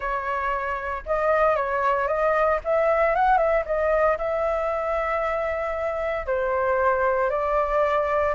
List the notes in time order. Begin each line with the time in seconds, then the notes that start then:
0.00 C#5
1.06 D#5
1.56 C#5
2.07 D#5
2.64 E5
3.15 F#5
3.37 E5
3.65 D#5
4.17 E5
6.26 C5
7.30 D5